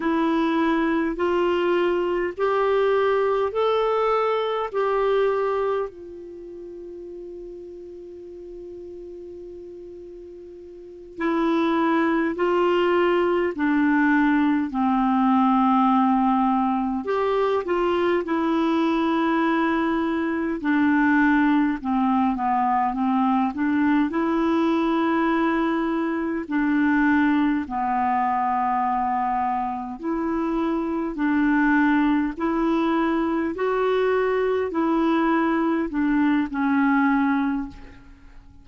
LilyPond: \new Staff \with { instrumentName = "clarinet" } { \time 4/4 \tempo 4 = 51 e'4 f'4 g'4 a'4 | g'4 f'2.~ | f'4. e'4 f'4 d'8~ | d'8 c'2 g'8 f'8 e'8~ |
e'4. d'4 c'8 b8 c'8 | d'8 e'2 d'4 b8~ | b4. e'4 d'4 e'8~ | e'8 fis'4 e'4 d'8 cis'4 | }